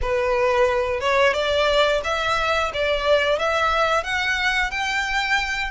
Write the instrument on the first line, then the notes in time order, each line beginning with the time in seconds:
violin
0.01 B4
1.00 C#5
1.33 D5
2.04 E5
2.73 D5
3.38 E5
4.03 F#5
4.70 G5